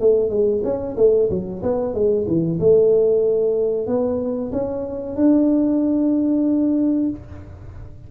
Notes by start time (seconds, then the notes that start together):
0.00 A3
0.30 G#3
0.64 C#4
0.97 A3
1.30 F#3
1.62 B3
1.94 G#3
2.27 E3
2.60 A3
3.87 B3
4.52 C#4
5.16 D4